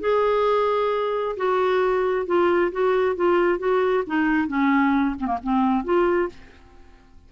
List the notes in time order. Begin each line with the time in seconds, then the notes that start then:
0.00 G#4
1.36 F#4
2.26 F4
2.72 F#4
3.16 F4
3.58 F#4
4.06 D#4
4.48 C#4
5.19 C4
5.26 A#3
5.43 C4
5.84 F4